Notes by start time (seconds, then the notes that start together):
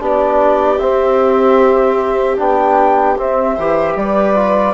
0.00 B3 D4 G4 D5
0.79 C4 E5
2.37 B3 D4 G5
3.18 C4 E5
3.56 E3 G4 C5
3.96 G3 B4 D5
4.36 F4